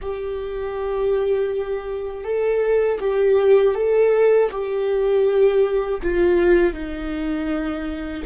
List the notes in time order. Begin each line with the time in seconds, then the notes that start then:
0.01 G4
2.24 A4
3.00 G4
3.74 A4
4.51 G4
6.02 F4
6.73 D#4